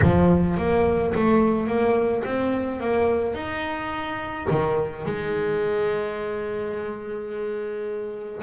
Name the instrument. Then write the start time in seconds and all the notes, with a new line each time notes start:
double bass
0.02 F3
0.57 A#3
1.14 A3
1.67 A#3
2.24 C4
2.80 A#3
3.34 D#4
4.50 D#3
5.05 G#3